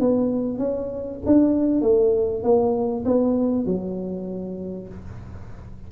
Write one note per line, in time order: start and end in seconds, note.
0.00 0.59 B3
0.59 1.20 C#4
1.26 1.82 D4
1.82 2.43 A3
2.43 3.04 A#3
3.06 3.66 B3
3.66 4.88 F#3